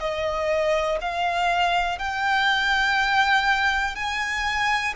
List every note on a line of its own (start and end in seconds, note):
0.00 0.98 D#5
1.01 1.99 F5
1.99 3.96 G5
3.96 4.94 G#5